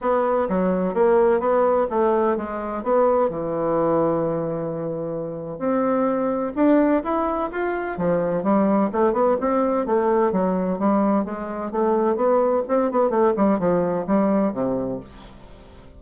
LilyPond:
\new Staff \with { instrumentName = "bassoon" } { \time 4/4 \tempo 4 = 128 b4 fis4 ais4 b4 | a4 gis4 b4 e4~ | e1 | c'2 d'4 e'4 |
f'4 f4 g4 a8 b8 | c'4 a4 fis4 g4 | gis4 a4 b4 c'8 b8 | a8 g8 f4 g4 c4 | }